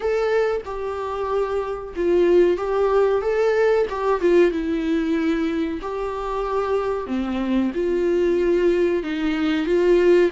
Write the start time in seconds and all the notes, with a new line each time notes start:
0.00 A4
0.65 G4
1.96 F4
2.57 G4
3.21 A4
3.89 G4
4.21 F4
4.51 E4
5.81 G4
7.06 C4
7.74 F4
9.03 D#4
9.65 F4